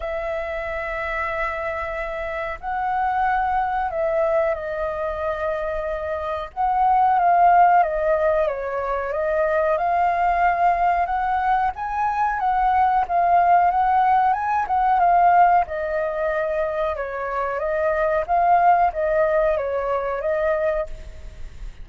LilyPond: \new Staff \with { instrumentName = "flute" } { \time 4/4 \tempo 4 = 92 e''1 | fis''2 e''4 dis''4~ | dis''2 fis''4 f''4 | dis''4 cis''4 dis''4 f''4~ |
f''4 fis''4 gis''4 fis''4 | f''4 fis''4 gis''8 fis''8 f''4 | dis''2 cis''4 dis''4 | f''4 dis''4 cis''4 dis''4 | }